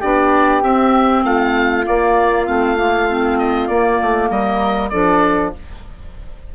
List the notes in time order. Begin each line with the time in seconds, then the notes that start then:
0.00 B3 D4 G4 D5
0.62 C4 E5
1.24 A3 F4 F5
1.84 A#3 D5
2.46 A3 C4 F5
2.76 A#3
3.09 C4
3.38 D#5
3.67 A#3 D5
4.01 A3
4.29 G3 A#4 D#5
4.89 F3 D4 A4 D5